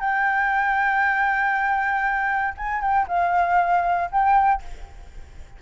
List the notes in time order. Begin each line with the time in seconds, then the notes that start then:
0.00 G5
2.57 G#5
2.81 G5
3.08 F5
4.11 G5